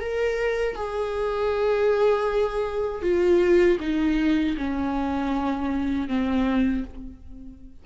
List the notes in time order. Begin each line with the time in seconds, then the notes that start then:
0.00 A#4
0.75 G#4
3.02 F4
3.80 D#4
4.57 C#4
6.08 C4